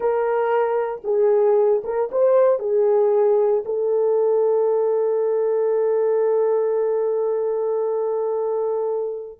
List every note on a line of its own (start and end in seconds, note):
0.00 1.01 A#4
1.04 1.82 G#4
1.84 2.10 A#4
2.11 2.59 C5
2.59 3.63 G#4
3.65 9.39 A4